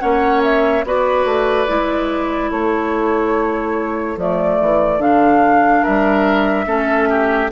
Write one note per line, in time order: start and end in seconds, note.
0.00 0.84 A#3
0.00 0.83 C#4
0.00 0.85 C#5
0.00 0.42 F#5
0.43 0.85 E5
0.84 1.25 B3
0.84 1.68 F#4
0.84 2.51 B4
0.84 2.51 D5
1.25 1.66 A3
1.68 2.51 G#3
1.68 4.18 E4
2.51 4.17 A3
2.51 5.82 A4
2.51 4.18 C#5
4.17 4.59 F3
4.17 5.00 A3
4.17 5.01 D5
4.62 4.98 E3
4.98 5.81 D3
4.98 6.66 D4
4.98 5.84 F5
5.82 6.66 G3
5.82 6.65 A#4
5.82 7.51 E5
6.66 7.50 A3
6.66 7.50 C#4
6.66 7.09 A4
7.09 7.51 G4